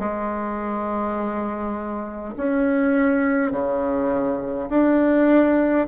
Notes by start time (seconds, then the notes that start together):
0.00 G#3
2.37 C#4
3.52 C#3
4.70 D4